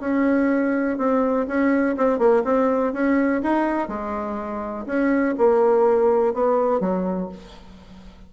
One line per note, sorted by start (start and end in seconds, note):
0.00 0.98 C#4
0.98 1.47 C4
1.47 1.96 C#4
1.97 2.18 C4
2.18 2.43 A#3
2.44 2.93 C4
2.93 3.42 C#4
3.42 3.88 D#4
3.88 4.86 G#3
4.86 5.35 C#4
5.38 6.33 A#3
6.33 6.80 B3
6.80 7.29 F#3